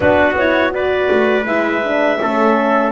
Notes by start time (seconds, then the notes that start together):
0.00 B3 D4 F#4 B4
0.37 E4 C#5
0.71 F#4 B4 D5
1.10 A3
1.45 G#3 E4 E5
1.84 D4
2.21 A3 C#4 A4